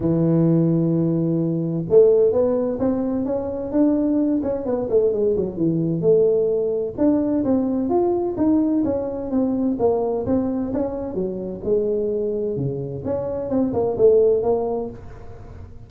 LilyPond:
\new Staff \with { instrumentName = "tuba" } { \time 4/4 \tempo 4 = 129 e1 | a4 b4 c'4 cis'4 | d'4. cis'8 b8 a8 gis8 fis8 | e4 a2 d'4 |
c'4 f'4 dis'4 cis'4 | c'4 ais4 c'4 cis'4 | fis4 gis2 cis4 | cis'4 c'8 ais8 a4 ais4 | }